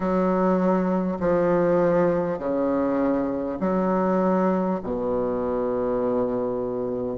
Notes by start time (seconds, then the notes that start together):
0.00 F#3
1.20 F3
2.38 C#3
3.60 F#3
4.83 B2